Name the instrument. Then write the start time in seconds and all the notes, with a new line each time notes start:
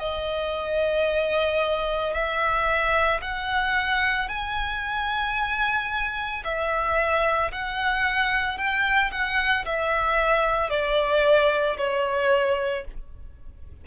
violin
0.00 D#5
2.14 E5
3.22 F#5
4.29 G#5
6.44 E5
7.52 F#5
8.58 G5
9.12 F#5
9.65 E5
10.70 D5
11.78 C#5